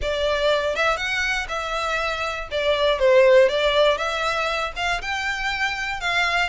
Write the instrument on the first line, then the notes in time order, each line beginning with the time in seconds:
violin
0.01 D5
0.75 E5
0.96 F#5
1.48 E5
2.51 D5
2.99 C5
3.48 D5
3.97 E5
4.76 F5
5.01 G5
6.00 F5